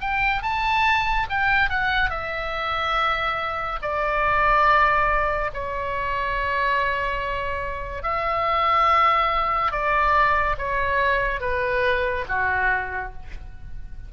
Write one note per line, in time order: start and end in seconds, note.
0.00 0.42 G5
0.42 1.27 A5
1.29 1.69 G5
1.69 2.10 F#5
2.10 3.79 E5
3.81 5.50 D5
5.53 8.02 C#5
8.02 9.71 E5
9.71 10.56 D5
10.57 11.40 C#5
11.40 12.25 B4
12.28 13.13 F#4